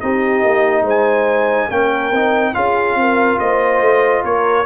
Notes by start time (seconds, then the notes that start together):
0.00 C4 D#4 G4 D#5
0.43 A#3
0.82 G#3 C5
0.89 G#5
1.68 A#3 C#4 A#4 G5
2.11 C4 D#4
2.54 C#4 F4 G#4 F5
2.95 C4 A#4
3.39 A#3 C5 D#5
3.81 A3
4.23 A#3 A#4 C#5